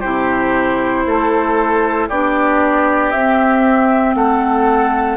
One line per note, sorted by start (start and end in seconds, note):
0.00 1.06 C3
0.00 2.10 E4
0.00 1.03 G4
0.00 2.08 C5
1.06 2.09 A3
1.06 2.09 A4
2.09 3.13 B3
2.09 3.13 D4
2.09 4.16 G4
2.09 3.11 D5
3.11 4.15 C4
3.11 5.17 C4
3.11 4.14 E5
4.15 5.17 A3
4.15 5.17 A4
4.15 5.17 F#5